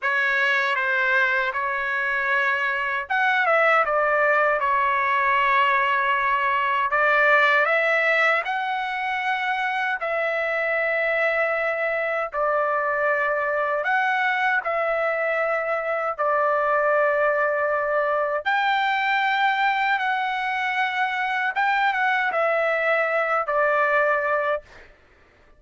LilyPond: \new Staff \with { instrumentName = "trumpet" } { \time 4/4 \tempo 4 = 78 cis''4 c''4 cis''2 | fis''8 e''8 d''4 cis''2~ | cis''4 d''4 e''4 fis''4~ | fis''4 e''2. |
d''2 fis''4 e''4~ | e''4 d''2. | g''2 fis''2 | g''8 fis''8 e''4. d''4. | }